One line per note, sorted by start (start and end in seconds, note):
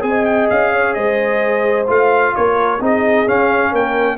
0.00 0.48 C4
0.00 1.85 G#4
0.00 0.25 G#5
0.08 0.72 D#5
0.25 0.48 G5
0.50 0.96 C#4
0.50 0.94 F5
0.72 0.95 C#5
0.94 1.88 G#3
0.94 2.34 C5
0.94 1.86 D#5
1.87 2.34 A3
1.87 2.79 F4
1.87 2.35 F5
2.35 2.80 A#3
2.35 2.81 A#4
2.35 2.81 C#5
2.80 3.26 C4
2.80 3.26 D#4
2.80 3.70 G#4
2.80 3.28 D#5
3.26 4.17 C#4
3.26 3.72 C#4
3.26 3.74 F5
3.70 4.17 A#3
3.70 4.16 A#4
3.70 4.17 G5